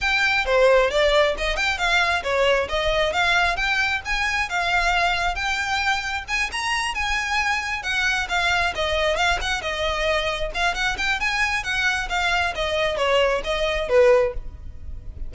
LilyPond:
\new Staff \with { instrumentName = "violin" } { \time 4/4 \tempo 4 = 134 g''4 c''4 d''4 dis''8 g''8 | f''4 cis''4 dis''4 f''4 | g''4 gis''4 f''2 | g''2 gis''8 ais''4 gis''8~ |
gis''4. fis''4 f''4 dis''8~ | dis''8 f''8 fis''8 dis''2 f''8 | fis''8 g''8 gis''4 fis''4 f''4 | dis''4 cis''4 dis''4 b'4 | }